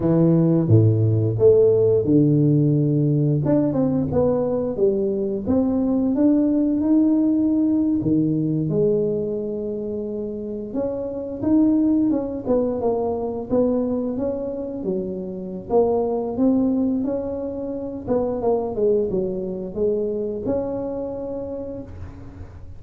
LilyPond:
\new Staff \with { instrumentName = "tuba" } { \time 4/4 \tempo 4 = 88 e4 a,4 a4 d4~ | d4 d'8 c'8 b4 g4 | c'4 d'4 dis'4.~ dis'16 dis16~ | dis8. gis2. cis'16~ |
cis'8. dis'4 cis'8 b8 ais4 b16~ | b8. cis'4 fis4~ fis16 ais4 | c'4 cis'4. b8 ais8 gis8 | fis4 gis4 cis'2 | }